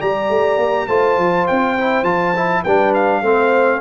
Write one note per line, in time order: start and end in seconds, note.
0.00 0.30 G3
0.00 0.89 G4
0.00 0.88 D5
0.00 0.88 A#5
0.30 0.57 A3
0.57 0.87 A#3
0.88 1.17 A3
0.88 1.77 F4
0.88 2.63 C5
0.88 1.46 A5
1.17 1.46 F3
1.47 2.03 C4
1.47 2.04 G5
1.78 2.04 E4
2.03 2.62 F3
2.03 2.34 F4
2.03 2.63 A5
2.36 2.65 E4
2.63 3.22 G3
2.63 3.23 D4
2.63 3.22 B4
2.63 2.94 G5
2.94 3.81 F5
3.22 3.81 A3
3.22 3.81 C4
3.22 3.81 C5